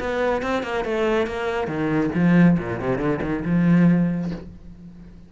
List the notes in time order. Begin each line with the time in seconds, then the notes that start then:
0.00 B3
0.42 C4
0.63 A#3
0.85 A3
1.27 A#3
1.67 D#3
2.14 F3
2.59 A#2
2.80 C3
2.98 D3
3.22 D#3
3.45 F3